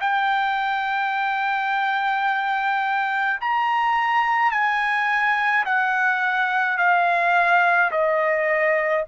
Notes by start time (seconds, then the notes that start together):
0.00 G5
3.40 A#5
4.51 G#5
5.65 F#5
6.77 F5
7.91 D#5